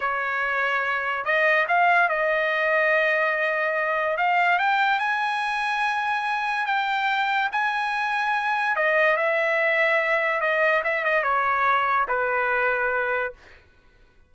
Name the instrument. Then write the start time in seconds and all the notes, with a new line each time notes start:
trumpet
0.00 C#5
1.24 D#5
1.67 F5
2.08 D#5
4.17 F5
4.59 G5
4.99 G#5
6.66 G5
7.52 G#5
8.76 D#5
9.16 E5
10.40 D#5
10.83 E5
11.04 D#5
11.23 C#5
12.08 B4